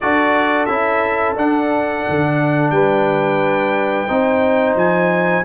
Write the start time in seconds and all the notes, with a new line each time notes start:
0.01 D4 F#4 A4 D5
0.65 C#4 E4 E5
1.35 D4 F#5
2.09 D3
2.70 G3 B4 G5
4.07 C4 D#4 C5
4.75 F3 G#5